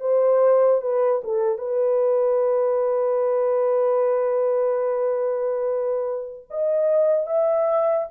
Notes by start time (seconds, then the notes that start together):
0.00 C5
0.81 B4
1.24 A4
1.58 B4
6.50 D#5
7.26 E5